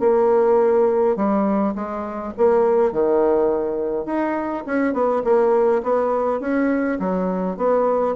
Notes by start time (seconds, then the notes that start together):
0.00 A#3
1.16 G3
1.75 G#3
2.38 A#3
2.92 D#3
4.05 D#4
4.66 C#4
4.93 B3
5.24 A#3
5.83 B3
6.41 C#4
6.99 F#3
7.57 B3